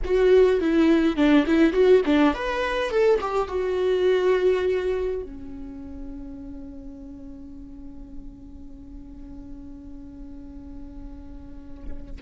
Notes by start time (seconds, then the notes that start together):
0.04 F#4
0.60 E4
1.16 D4
1.46 E4
1.72 F#4
2.05 D4
2.34 B4
2.90 A4
3.20 G4
3.47 F#4
5.22 C#4